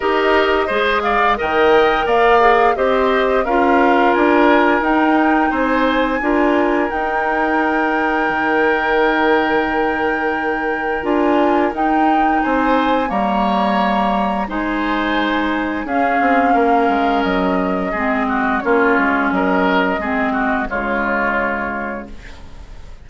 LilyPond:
<<
  \new Staff \with { instrumentName = "flute" } { \time 4/4 \tempo 4 = 87 dis''4. f''8 g''4 f''4 | dis''4 f''4 gis''4 g''4 | gis''2 g''2~ | g''1 |
gis''4 g''4 gis''4 ais''4~ | ais''4 gis''2 f''4~ | f''4 dis''2 cis''4 | dis''2 cis''2 | }
  \new Staff \with { instrumentName = "oboe" } { \time 4/4 ais'4 c''8 d''8 dis''4 d''4 | c''4 ais'2. | c''4 ais'2.~ | ais'1~ |
ais'2 c''4 cis''4~ | cis''4 c''2 gis'4 | ais'2 gis'8 fis'8 f'4 | ais'4 gis'8 fis'8 f'2 | }
  \new Staff \with { instrumentName = "clarinet" } { \time 4/4 g'4 gis'4 ais'4. gis'8 | g'4 f'2 dis'4~ | dis'4 f'4 dis'2~ | dis'1 |
f'4 dis'2 ais4~ | ais4 dis'2 cis'4~ | cis'2 c'4 cis'4~ | cis'4 c'4 gis2 | }
  \new Staff \with { instrumentName = "bassoon" } { \time 4/4 dis'4 gis4 dis4 ais4 | c'4 cis'4 d'4 dis'4 | c'4 d'4 dis'2 | dis1 |
d'4 dis'4 c'4 g4~ | g4 gis2 cis'8 c'8 | ais8 gis8 fis4 gis4 ais8 gis8 | fis4 gis4 cis2 | }
>>